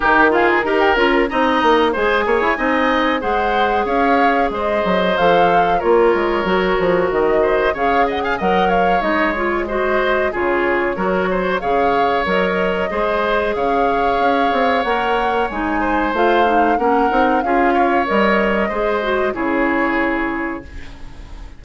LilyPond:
<<
  \new Staff \with { instrumentName = "flute" } { \time 4/4 \tempo 4 = 93 ais'8 f''16 ais'8 g''16 ais'8 ais''4 gis''4~ | gis''4 fis''4 f''4 dis''4 | f''4 cis''2 dis''4 | f''8 fis''16 gis''16 fis''8 f''8 dis''8 cis''8 dis''4 |
cis''2 f''4 dis''4~ | dis''4 f''2 fis''4 | gis''4 f''4 fis''4 f''4 | dis''2 cis''2 | }
  \new Staff \with { instrumentName = "oboe" } { \time 4/4 g'8 gis'8 ais'4 dis''4 c''8 cis''8 | dis''4 c''4 cis''4 c''4~ | c''4 ais'2~ ais'8 c''8 | cis''8 dis''16 f''16 dis''8 cis''4. c''4 |
gis'4 ais'8 c''8 cis''2 | c''4 cis''2.~ | cis''8 c''4. ais'4 gis'8 cis''8~ | cis''4 c''4 gis'2 | }
  \new Staff \with { instrumentName = "clarinet" } { \time 4/4 dis'8 f'8 g'8 f'8 dis'4 gis'4 | dis'4 gis'2. | a'4 f'4 fis'2 | gis'4 ais'4 dis'8 f'8 fis'4 |
f'4 fis'4 gis'4 ais'4 | gis'2. ais'4 | dis'4 f'8 dis'8 cis'8 dis'8 f'4 | ais'4 gis'8 fis'8 e'2 | }
  \new Staff \with { instrumentName = "bassoon" } { \time 4/4 dis4 dis'8 cis'8 c'8 ais8 gis8 ais16 e'16 | c'4 gis4 cis'4 gis8 fis8 | f4 ais8 gis8 fis8 f8 dis4 | cis4 fis4 gis2 |
cis4 fis4 cis4 fis4 | gis4 cis4 cis'8 c'8 ais4 | gis4 a4 ais8 c'8 cis'4 | g4 gis4 cis2 | }
>>